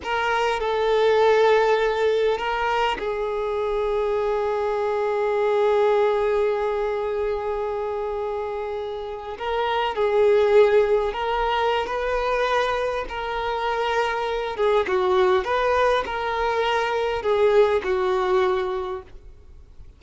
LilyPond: \new Staff \with { instrumentName = "violin" } { \time 4/4 \tempo 4 = 101 ais'4 a'2. | ais'4 gis'2.~ | gis'1~ | gis'2.~ gis'8. ais'16~ |
ais'8. gis'2 ais'4~ ais'16 | b'2 ais'2~ | ais'8 gis'8 fis'4 b'4 ais'4~ | ais'4 gis'4 fis'2 | }